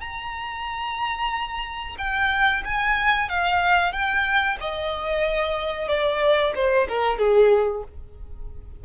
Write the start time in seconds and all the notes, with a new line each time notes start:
0.00 A#5
1.98 G5
2.65 G#5
3.29 F5
3.92 G5
4.60 D#5
5.88 D5
6.55 C5
6.88 A#4
7.18 G#4